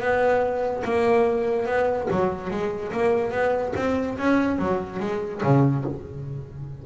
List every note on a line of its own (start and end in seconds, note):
0.00 0.83 B3
0.84 1.66 A#3
1.66 2.08 B3
2.11 2.50 F#3
2.50 2.92 G#3
2.92 3.31 A#3
3.31 3.73 B3
3.76 4.18 C4
4.18 4.59 C#4
4.59 5.00 F#3
5.00 5.41 G#3
5.43 5.85 C#3